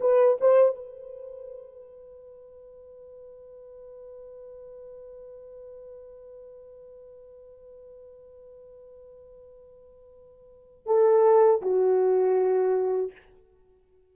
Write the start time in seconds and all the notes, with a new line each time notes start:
0.00 B4
0.41 C5
0.75 B4
10.86 A4
11.61 F#4